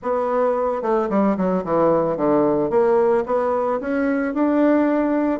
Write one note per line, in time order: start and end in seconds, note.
0.02 0.81 B3
0.81 1.08 A3
1.09 1.36 G3
1.37 1.64 F#3
1.64 2.16 E3
2.16 2.70 D3
2.70 3.24 A#3
3.26 3.80 B3
3.80 4.34 C#4
4.34 5.39 D4